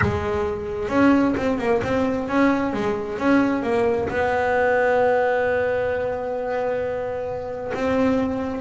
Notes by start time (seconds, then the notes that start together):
0.01 G#3
0.88 C#4
1.36 C4
1.58 A#3
1.83 C4
2.28 C#4
2.73 G#3
3.18 C#4
3.63 A#3
4.08 B3
7.74 C4